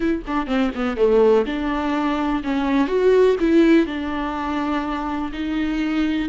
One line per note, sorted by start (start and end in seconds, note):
0.00 0.22 E4
0.27 0.46 D4
0.46 0.71 C4
0.74 0.97 B3
0.97 1.45 A3
1.46 2.42 D4
2.43 2.87 C#4
2.87 3.36 F#4
3.40 3.86 E4
3.86 5.31 D4
5.32 6.29 D#4